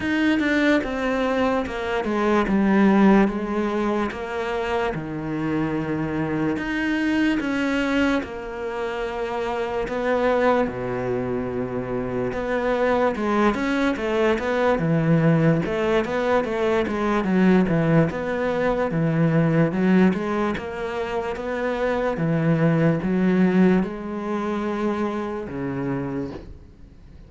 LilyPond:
\new Staff \with { instrumentName = "cello" } { \time 4/4 \tempo 4 = 73 dis'8 d'8 c'4 ais8 gis8 g4 | gis4 ais4 dis2 | dis'4 cis'4 ais2 | b4 b,2 b4 |
gis8 cis'8 a8 b8 e4 a8 b8 | a8 gis8 fis8 e8 b4 e4 | fis8 gis8 ais4 b4 e4 | fis4 gis2 cis4 | }